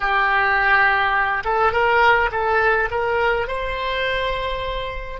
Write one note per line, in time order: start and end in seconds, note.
0.00 1.43 G4
1.44 1.72 A4
1.72 2.30 A#4
2.31 2.89 A4
2.91 3.47 A#4
3.47 5.20 C5